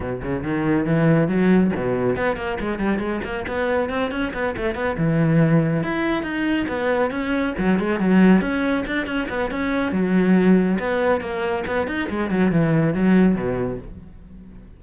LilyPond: \new Staff \with { instrumentName = "cello" } { \time 4/4 \tempo 4 = 139 b,8 cis8 dis4 e4 fis4 | b,4 b8 ais8 gis8 g8 gis8 ais8 | b4 c'8 cis'8 b8 a8 b8 e8~ | e4. e'4 dis'4 b8~ |
b8 cis'4 fis8 gis8 fis4 cis'8~ | cis'8 d'8 cis'8 b8 cis'4 fis4~ | fis4 b4 ais4 b8 dis'8 | gis8 fis8 e4 fis4 b,4 | }